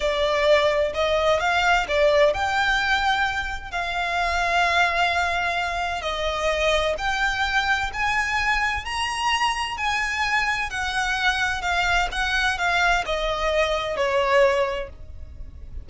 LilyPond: \new Staff \with { instrumentName = "violin" } { \time 4/4 \tempo 4 = 129 d''2 dis''4 f''4 | d''4 g''2. | f''1~ | f''4 dis''2 g''4~ |
g''4 gis''2 ais''4~ | ais''4 gis''2 fis''4~ | fis''4 f''4 fis''4 f''4 | dis''2 cis''2 | }